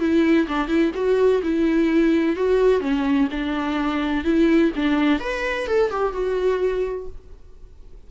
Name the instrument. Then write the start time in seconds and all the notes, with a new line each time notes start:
viola
0.00 E4
0.48 D4
0.68 E4
0.95 F#4
1.43 E4
2.36 F#4
2.81 C#4
3.31 D4
4.24 E4
4.76 D4
5.20 B4
5.67 A4
5.91 G4
6.13 F#4